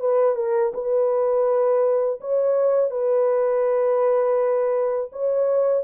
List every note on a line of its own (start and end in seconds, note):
0.00 0.36 B4
0.36 0.72 A#4
0.74 2.20 B4
2.21 2.91 C#5
2.91 5.10 B4
5.12 5.84 C#5